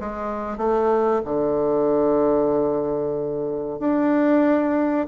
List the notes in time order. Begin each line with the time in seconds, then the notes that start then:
0.00 G#3
0.58 A3
1.25 D3
3.79 D4